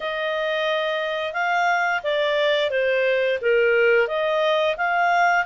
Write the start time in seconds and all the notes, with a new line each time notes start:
0.00 D#5
1.33 F5
2.03 D5
2.70 C5
3.41 A#4
4.07 D#5
4.77 F5